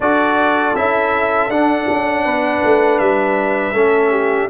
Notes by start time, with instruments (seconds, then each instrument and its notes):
0.00 tuba D4, trombone F#4, horn A4, trumpet D5
0.75 tuba C#4, trombone E4, trumpet E5
1.48 tuba D4, trombone D4, trumpet F#5
1.88 tuba C#4
2.24 tuba B3, horn B4
2.64 tuba A3
2.99 tuba G3, trumpet E5
3.73 tuba A3, trombone C#4, horn A4
4.11 horn G4